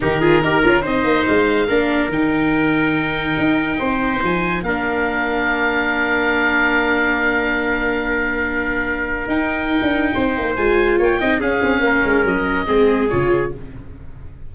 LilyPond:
<<
  \new Staff \with { instrumentName = "oboe" } { \time 4/4 \tempo 4 = 142 ais'2 dis''4 f''4~ | f''4 g''2.~ | g''2 gis''4 f''4~ | f''1~ |
f''1~ | f''2 g''2~ | g''4 gis''4 g''4 f''4~ | f''4 dis''2 cis''4 | }
  \new Staff \with { instrumentName = "trumpet" } { \time 4/4 g'8 gis'8 ais'4 c''2 | ais'1~ | ais'4 c''2 ais'4~ | ais'1~ |
ais'1~ | ais'1 | c''2 cis''8 dis''8 gis'4 | ais'2 gis'2 | }
  \new Staff \with { instrumentName = "viola" } { \time 4/4 dis'8 f'8 g'8 f'8 dis'2 | d'4 dis'2.~ | dis'2. d'4~ | d'1~ |
d'1~ | d'2 dis'2~ | dis'4 f'4. dis'8 cis'4~ | cis'2 c'4 f'4 | }
  \new Staff \with { instrumentName = "tuba" } { \time 4/4 dis4 dis'8 cis'8 c'8 ais8 gis4 | ais4 dis2. | dis'4 c'4 f4 ais4~ | ais1~ |
ais1~ | ais2 dis'4~ dis'16 d'8. | c'8 ais8 gis4 ais8 c'8 cis'8 c'8 | ais8 gis8 fis4 gis4 cis4 | }
>>